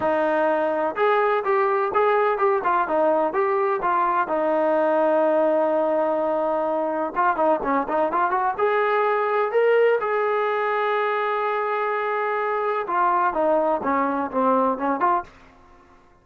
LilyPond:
\new Staff \with { instrumentName = "trombone" } { \time 4/4 \tempo 4 = 126 dis'2 gis'4 g'4 | gis'4 g'8 f'8 dis'4 g'4 | f'4 dis'2.~ | dis'2. f'8 dis'8 |
cis'8 dis'8 f'8 fis'8 gis'2 | ais'4 gis'2.~ | gis'2. f'4 | dis'4 cis'4 c'4 cis'8 f'8 | }